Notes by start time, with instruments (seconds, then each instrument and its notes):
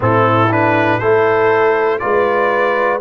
0.00 tuba A2, trombone C4, horn E4, trumpet A4
0.51 trombone D4, trumpet B4
0.98 tuba A3, trombone E4, horn A4, trumpet C5
1.99 tuba G#3, trombone F4, horn B4, trumpet D5